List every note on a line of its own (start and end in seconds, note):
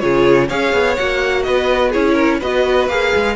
0.00 0.50 C#3
0.00 0.49 F4
0.00 0.49 G#4
0.00 0.48 C#5
0.49 0.73 C#4
0.49 0.98 G#4
0.49 1.45 C#5
0.49 0.96 F5
0.73 0.97 B3
0.96 1.48 A#3
0.96 1.94 F#4
0.96 1.44 F#5
1.44 1.95 B3
1.44 1.91 B4
1.44 1.92 D#5
1.91 2.42 C#4
1.91 2.42 E4
1.91 2.14 G#4
1.91 2.41 C#5
2.14 2.38 A#4
2.40 2.89 B3
2.40 2.90 F#4
2.40 3.36 B4
2.40 2.89 D#5
2.89 3.13 A#3
2.89 3.36 G#4
2.89 3.36 F5
3.16 3.36 G#3